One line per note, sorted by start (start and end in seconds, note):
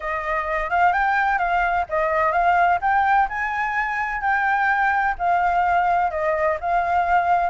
0.00 0.70 D#5
0.70 0.92 F5
0.92 1.38 G5
1.38 1.85 F5
1.89 2.31 D#5
2.31 2.78 F5
2.81 3.28 G5
3.28 4.21 G#5
4.21 5.15 G5
5.18 6.10 F5
6.10 6.57 D#5
6.60 7.49 F5